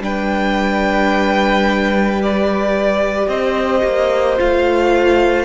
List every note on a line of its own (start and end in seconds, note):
0.00 3.27 G3
0.00 2.20 D4
0.00 3.28 B4
0.00 2.22 G5
2.20 4.37 G4
2.20 3.29 D5
3.28 3.82 C4
3.28 5.45 C5
3.28 4.38 D#5
3.84 4.38 A#3
4.37 5.45 A3
4.37 5.45 F4
4.37 5.45 F5